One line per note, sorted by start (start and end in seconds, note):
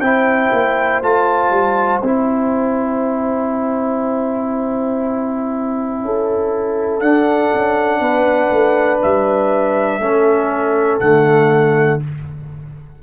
0.00 0.50 C4
0.00 1.02 E4
0.00 6.01 C5
0.00 1.01 G5
0.52 1.02 A#3
1.02 1.50 A3
1.02 2.02 F4
1.02 2.01 A5
1.50 2.00 G3
2.01 6.02 C4
2.01 7.02 E4
2.01 7.00 G5
6.02 7.01 C#4
6.02 8.01 A4
7.00 7.51 D4
7.00 10.01 D4
7.00 9.00 F#5
7.54 8.00 C#4
8.00 8.50 B3
8.00 10.01 B4
8.50 9.00 A3
9.02 9.99 G3
9.02 11.00 E5
9.99 10.99 A3
9.99 11.01 C#4
9.99 12.03 A4
11.00 12.01 D3
11.00 12.01 A3
11.00 12.00 F#5